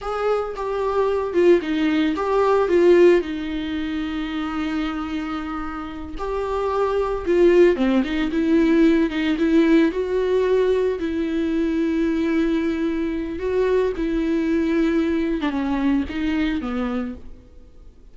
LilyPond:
\new Staff \with { instrumentName = "viola" } { \time 4/4 \tempo 4 = 112 gis'4 g'4. f'8 dis'4 | g'4 f'4 dis'2~ | dis'2.~ dis'8 g'8~ | g'4. f'4 c'8 dis'8 e'8~ |
e'4 dis'8 e'4 fis'4.~ | fis'8 e'2.~ e'8~ | e'4 fis'4 e'2~ | e'8. d'16 cis'4 dis'4 b4 | }